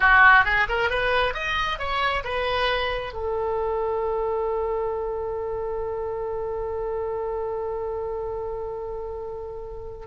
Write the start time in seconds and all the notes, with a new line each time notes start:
0.00 F#4
0.45 G#4
0.68 A#4
0.90 B4
1.34 D#5
1.78 C#5
2.24 B4
3.13 A4